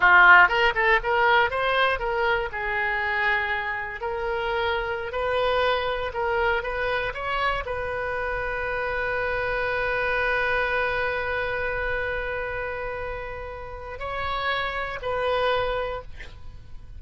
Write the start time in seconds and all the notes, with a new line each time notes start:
0.00 F4
0.48 A#4
0.75 A4
1.03 A#4
1.50 C5
1.99 A#4
2.52 G#4
4.00 A#4
5.12 B4
6.13 A#4
6.62 B4
7.14 C#5
7.65 B4
13.99 C#5
15.02 B4